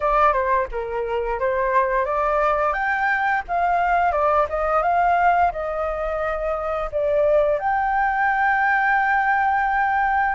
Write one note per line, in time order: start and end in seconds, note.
0.00 0.32 D5
0.32 0.67 C5
0.71 1.39 A#4
1.39 2.05 C5
2.05 2.73 D5
2.73 3.42 G5
3.48 4.12 F5
4.12 4.46 D5
4.49 4.82 D#5
4.82 5.51 F5
5.52 6.90 D#5
6.91 7.59 D5
7.59 10.35 G5